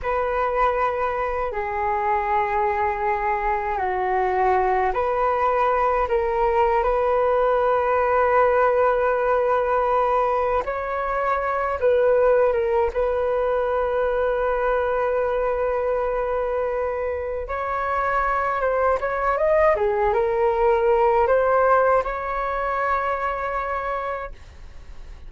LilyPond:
\new Staff \with { instrumentName = "flute" } { \time 4/4 \tempo 4 = 79 b'2 gis'2~ | gis'4 fis'4. b'4. | ais'4 b'2.~ | b'2 cis''4. b'8~ |
b'8 ais'8 b'2.~ | b'2. cis''4~ | cis''8 c''8 cis''8 dis''8 gis'8 ais'4. | c''4 cis''2. | }